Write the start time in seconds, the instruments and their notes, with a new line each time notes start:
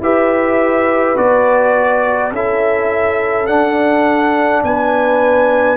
0.00 tuba E4, trombone G4, horn B4, trumpet E5
1.16 tuba B3, trombone F#4, trumpet D5
2.32 tuba C#4, trombone E4, horn A4, trumpet E5
3.46 trombone D4, tuba D4, trumpet F#5
4.63 tuba B3, horn B4, trumpet G#5